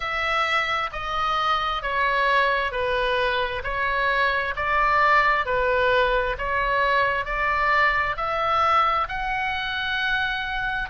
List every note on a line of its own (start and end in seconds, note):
0.00 0.90 E5
0.92 1.82 D#5
1.82 2.71 C#5
2.71 3.62 B4
3.63 4.54 C#5
4.56 5.45 D5
5.45 6.36 B4
6.38 7.25 C#5
7.25 8.16 D5
8.17 9.07 E5
9.08 10.89 F#5